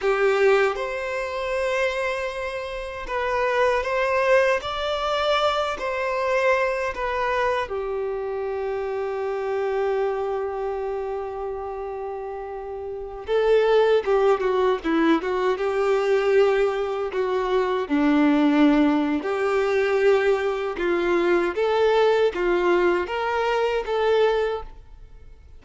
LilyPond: \new Staff \with { instrumentName = "violin" } { \time 4/4 \tempo 4 = 78 g'4 c''2. | b'4 c''4 d''4. c''8~ | c''4 b'4 g'2~ | g'1~ |
g'4~ g'16 a'4 g'8 fis'8 e'8 fis'16~ | fis'16 g'2 fis'4 d'8.~ | d'4 g'2 f'4 | a'4 f'4 ais'4 a'4 | }